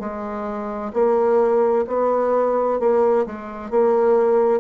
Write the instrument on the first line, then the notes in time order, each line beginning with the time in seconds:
bassoon
0.00 G#3
0.94 A#3
1.88 B3
2.80 A#3
3.27 G#3
3.71 A#3